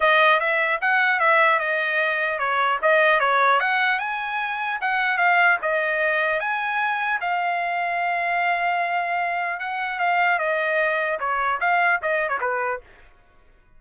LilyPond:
\new Staff \with { instrumentName = "trumpet" } { \time 4/4 \tempo 4 = 150 dis''4 e''4 fis''4 e''4 | dis''2 cis''4 dis''4 | cis''4 fis''4 gis''2 | fis''4 f''4 dis''2 |
gis''2 f''2~ | f''1 | fis''4 f''4 dis''2 | cis''4 f''4 dis''8. cis''16 b'4 | }